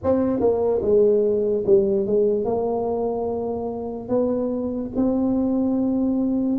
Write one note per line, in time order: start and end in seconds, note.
0.03 0.40 C4
0.40 0.81 A#3
0.81 1.64 G#3
1.66 2.06 G3
2.06 2.44 G#3
2.44 4.08 A#3
4.08 4.90 B3
4.95 6.59 C4